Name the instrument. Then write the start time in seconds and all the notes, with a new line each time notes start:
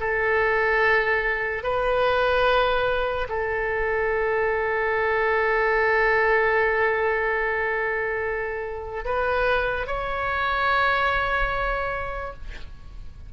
oboe
0.00 A4
1.63 B4
3.29 A4
9.05 B4
9.87 C#5